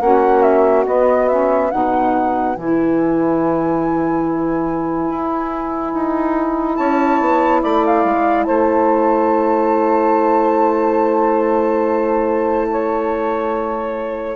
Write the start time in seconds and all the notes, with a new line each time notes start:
0.00 A#3 C#4 F#4 F#5
0.42 E5
0.85 B3 D#5
1.28 C#4 E5
1.70 B2 D#4 B4 F#5
2.55 E3 E4 G#5
5.09 E4
5.93 D#4
6.76 C#4 C#5 A5
7.20 B3
7.61 A3 D5 B5
7.85 F5
8.04 G#3
8.43 A3 C5 A5
12.71 C#5